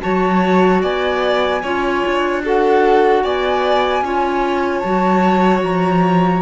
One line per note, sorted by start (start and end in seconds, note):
0.00 0.82 F#3
0.00 1.60 F#4
0.00 0.81 C#5
0.00 0.81 A5
0.81 1.62 B3
0.81 1.61 D5
0.81 2.42 G#5
1.62 2.03 C#4
1.62 2.43 F4
1.62 2.42 C#5
2.05 3.24 D4
2.43 4.03 F#4
2.43 3.23 A4
2.43 3.24 F#5
3.23 4.01 B3
3.23 4.03 D5
3.23 4.79 G#5
4.01 4.81 C#4
4.01 4.83 F4
4.01 6.42 C#5
4.79 5.62 F#3
4.79 6.42 F#4
4.79 5.58 A5
5.62 6.42 F3
5.62 6.42 A#5